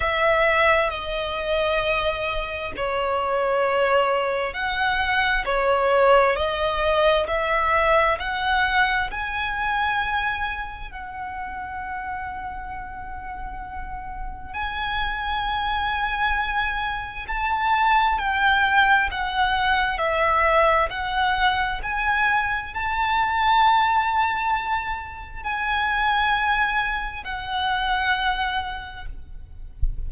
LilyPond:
\new Staff \with { instrumentName = "violin" } { \time 4/4 \tempo 4 = 66 e''4 dis''2 cis''4~ | cis''4 fis''4 cis''4 dis''4 | e''4 fis''4 gis''2 | fis''1 |
gis''2. a''4 | g''4 fis''4 e''4 fis''4 | gis''4 a''2. | gis''2 fis''2 | }